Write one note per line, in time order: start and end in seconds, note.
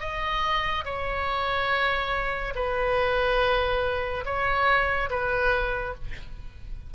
0.00 0.85 D#5
0.85 2.54 C#5
2.55 4.24 B4
4.25 5.10 C#5
5.10 5.95 B4